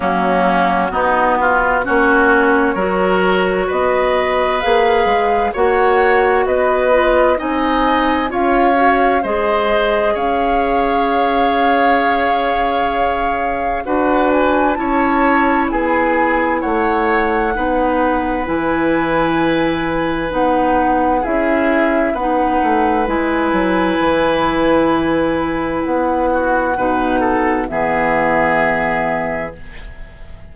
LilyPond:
<<
  \new Staff \with { instrumentName = "flute" } { \time 4/4 \tempo 4 = 65 fis'2 cis''2 | dis''4 f''4 fis''4 dis''4 | gis''4 f''4 dis''4 f''4~ | f''2. fis''8 gis''8 |
a''4 gis''4 fis''2 | gis''2 fis''4 e''4 | fis''4 gis''2. | fis''2 e''2 | }
  \new Staff \with { instrumentName = "oboe" } { \time 4/4 cis'4 dis'8 f'8 fis'4 ais'4 | b'2 cis''4 b'4 | dis''4 cis''4 c''4 cis''4~ | cis''2. b'4 |
cis''4 gis'4 cis''4 b'4~ | b'2. gis'4 | b'1~ | b'8 fis'8 b'8 a'8 gis'2 | }
  \new Staff \with { instrumentName = "clarinet" } { \time 4/4 ais4 b4 cis'4 fis'4~ | fis'4 gis'4 fis'4. f'8 | dis'4 f'8 fis'8 gis'2~ | gis'2. fis'4 |
e'2. dis'4 | e'2 dis'4 e'4 | dis'4 e'2.~ | e'4 dis'4 b2 | }
  \new Staff \with { instrumentName = "bassoon" } { \time 4/4 fis4 b4 ais4 fis4 | b4 ais8 gis8 ais4 b4 | c'4 cis'4 gis4 cis'4~ | cis'2. d'4 |
cis'4 b4 a4 b4 | e2 b4 cis'4 | b8 a8 gis8 fis8 e2 | b4 b,4 e2 | }
>>